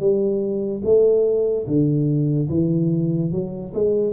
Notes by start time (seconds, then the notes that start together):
0.00 G3
0.85 A3
1.67 D3
2.50 E3
3.32 F#3
3.74 G#3